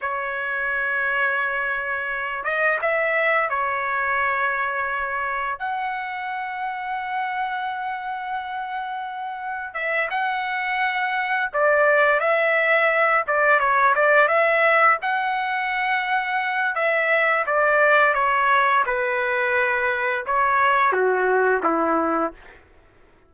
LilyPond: \new Staff \with { instrumentName = "trumpet" } { \time 4/4 \tempo 4 = 86 cis''2.~ cis''8 dis''8 | e''4 cis''2. | fis''1~ | fis''2 e''8 fis''4.~ |
fis''8 d''4 e''4. d''8 cis''8 | d''8 e''4 fis''2~ fis''8 | e''4 d''4 cis''4 b'4~ | b'4 cis''4 fis'4 e'4 | }